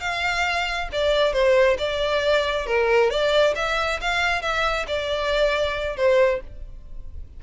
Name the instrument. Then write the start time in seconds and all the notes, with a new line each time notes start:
violin
0.00 F5
0.92 D5
1.33 C5
1.78 D5
2.66 A#4
3.10 D5
3.55 E5
4.01 F5
4.41 E5
4.87 D5
5.96 C5